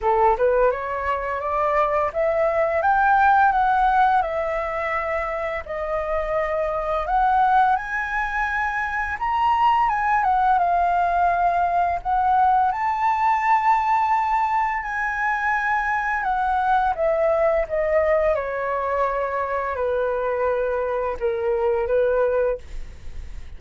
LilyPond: \new Staff \with { instrumentName = "flute" } { \time 4/4 \tempo 4 = 85 a'8 b'8 cis''4 d''4 e''4 | g''4 fis''4 e''2 | dis''2 fis''4 gis''4~ | gis''4 ais''4 gis''8 fis''8 f''4~ |
f''4 fis''4 a''2~ | a''4 gis''2 fis''4 | e''4 dis''4 cis''2 | b'2 ais'4 b'4 | }